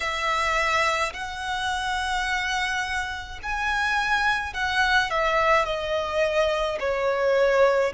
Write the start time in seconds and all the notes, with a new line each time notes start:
0.00 E5
1.13 F#5
3.42 G#5
4.53 F#5
5.10 E5
5.64 D#5
6.79 C#5